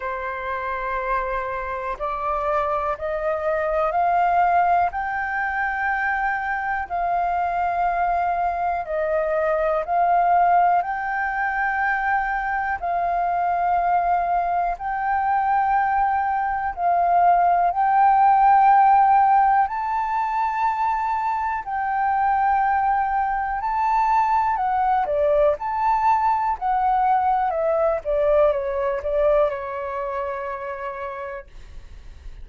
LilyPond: \new Staff \with { instrumentName = "flute" } { \time 4/4 \tempo 4 = 61 c''2 d''4 dis''4 | f''4 g''2 f''4~ | f''4 dis''4 f''4 g''4~ | g''4 f''2 g''4~ |
g''4 f''4 g''2 | a''2 g''2 | a''4 fis''8 d''8 a''4 fis''4 | e''8 d''8 cis''8 d''8 cis''2 | }